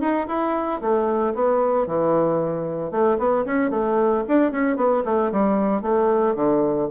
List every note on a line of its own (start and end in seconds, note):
0.00 0.27 D#4
0.27 0.80 E4
0.81 1.34 A3
1.34 1.86 B3
1.86 2.91 E3
2.91 3.17 A3
3.18 3.45 B3
3.45 3.70 C#4
3.70 4.23 A3
4.28 4.51 D4
4.51 4.76 C#4
4.76 5.03 B3
5.05 5.31 A3
5.31 5.82 G3
5.82 6.35 A3
6.35 6.88 D3